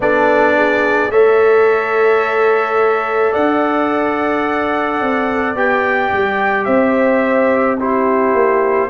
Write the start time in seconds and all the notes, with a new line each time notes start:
0.00 B3 D4 A4 D5
0.56 G#4
1.10 A3 A4 C#5 E5
3.31 D4 D5 F#5
5.01 C4
5.54 B3 G4 G5
6.12 G3
6.64 C4 C5 E5
7.78 E4 G4 C5
8.33 A#3